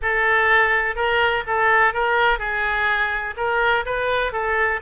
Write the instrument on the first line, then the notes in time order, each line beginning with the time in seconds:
oboe
0.02 A4
0.95 A#4
1.46 A4
1.93 A#4
2.38 G#4
3.36 A#4
3.85 B4
4.32 A4